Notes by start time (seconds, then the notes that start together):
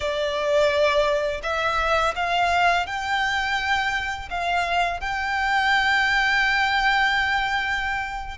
0.00 D5
1.43 E5
2.15 F5
2.86 G5
4.30 F5
5.00 G5